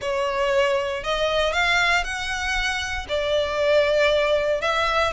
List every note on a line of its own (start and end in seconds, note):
0.01 1.03 C#5
1.03 1.52 D#5
1.52 2.03 F5
2.03 3.06 F#5
3.08 4.61 D5
4.61 5.12 E5